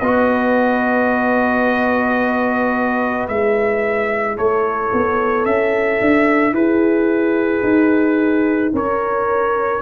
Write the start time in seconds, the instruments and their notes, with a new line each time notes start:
0.00 tuba B3, trombone F#4, horn B4, trumpet D#5
3.28 tuba G#3, trombone E4, trumpet E5
4.36 tuba A3, horn A4, trumpet C#5
4.93 tuba B3
5.45 tuba C#4, trumpet E5
6.01 tuba D4
6.52 tuba E4, horn G#4, trumpet B4
7.63 tuba D#4
8.73 tuba C#4, horn A#4, trumpet C#5